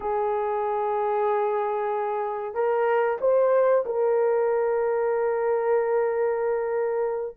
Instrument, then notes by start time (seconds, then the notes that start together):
horn
0.00 G#4
2.54 A#4
3.20 C5
3.85 A#4